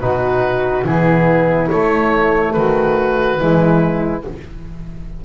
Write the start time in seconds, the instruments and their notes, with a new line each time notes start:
0.00 double bass B2, trombone D#4, flute F#4, oboe B4
0.85 double bass E3, trombone B3, flute E4, oboe G#4
1.69 trombone A3, double bass A3, oboe C#5
2.53 double bass D#3, flute F#4, oboe B4
3.38 double bass E3, trombone G#3, flute E4